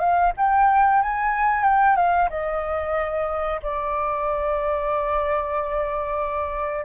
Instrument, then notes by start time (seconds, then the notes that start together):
flute
0.00 F5
0.37 G5
1.03 G#5
1.64 G5
1.97 F5
2.30 D#5
3.63 D5